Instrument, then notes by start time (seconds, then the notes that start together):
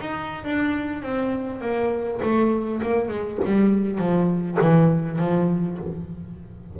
double bass
0.00 D#4
0.44 D4
1.02 C4
1.61 A#3
2.22 A3
2.82 A#3
3.08 G#3
3.45 G3
3.98 F3
4.61 E3
5.18 F3